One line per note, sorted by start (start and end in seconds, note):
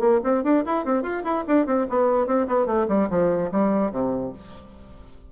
0.00 0.20 A#3
0.24 0.44 C4
0.44 0.64 D4
0.66 0.86 E4
0.86 1.03 C4
1.03 1.24 F4
1.24 1.45 E4
1.48 1.67 D4
1.67 1.87 C4
1.90 2.27 B3
2.27 2.47 C4
2.48 2.67 B3
2.67 2.87 A3
2.88 3.09 G3
3.10 3.51 F3
3.52 3.92 G3
3.92 4.32 C3